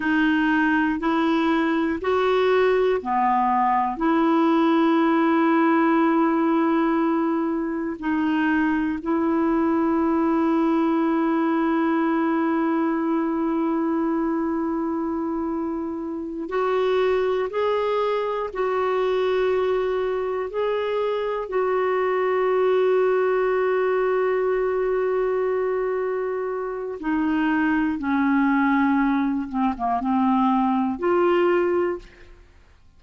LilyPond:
\new Staff \with { instrumentName = "clarinet" } { \time 4/4 \tempo 4 = 60 dis'4 e'4 fis'4 b4 | e'1 | dis'4 e'2.~ | e'1~ |
e'8 fis'4 gis'4 fis'4.~ | fis'8 gis'4 fis'2~ fis'8~ | fis'2. dis'4 | cis'4. c'16 ais16 c'4 f'4 | }